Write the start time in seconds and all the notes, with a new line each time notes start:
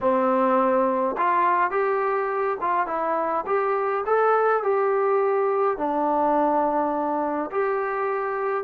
0.00 C4
1.17 F4
1.70 G4
2.60 F4
2.87 E4
3.46 G4
4.05 A4
4.63 G4
5.77 D4
7.51 G4